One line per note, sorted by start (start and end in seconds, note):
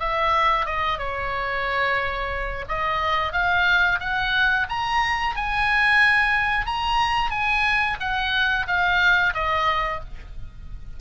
0.00 0.66 E5
0.66 0.98 D#5
0.98 2.65 C#5
2.69 3.33 D#5
3.33 3.99 F5
4.00 4.67 F#5
4.69 5.36 A#5
5.36 6.66 G#5
6.66 7.31 A#5
7.31 7.97 G#5
8.00 8.67 F#5
8.67 9.34 F5
9.34 10.01 D#5